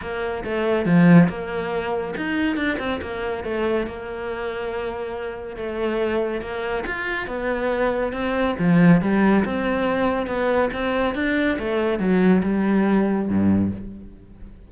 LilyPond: \new Staff \with { instrumentName = "cello" } { \time 4/4 \tempo 4 = 140 ais4 a4 f4 ais4~ | ais4 dis'4 d'8 c'8 ais4 | a4 ais2.~ | ais4 a2 ais4 |
f'4 b2 c'4 | f4 g4 c'2 | b4 c'4 d'4 a4 | fis4 g2 g,4 | }